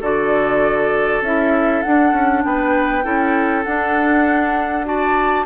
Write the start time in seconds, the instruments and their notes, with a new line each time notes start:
0.00 bassoon D3, clarinet F#4, oboe A4, flute D5
1.21 bassoon C#4, clarinet E4, flute E5
1.82 clarinet D4, bassoon D4, flute F#5
2.12 bassoon C#4
2.44 bassoon B3, oboe B4, flute G5
3.03 bassoon C#4, clarinet E4, oboe A4
3.64 bassoon D4, clarinet D4, flute F#5
4.84 clarinet F#4, oboe D5, flute A5